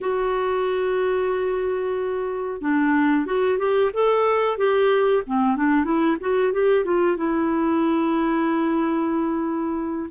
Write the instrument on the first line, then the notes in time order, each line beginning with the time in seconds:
clarinet
0.00 F#4
2.61 D4
3.25 F#4
3.58 G4
3.93 A4
4.57 G4
5.26 C4
5.56 D4
5.84 E4
6.20 F#4
6.52 G4
6.84 F4
7.16 E4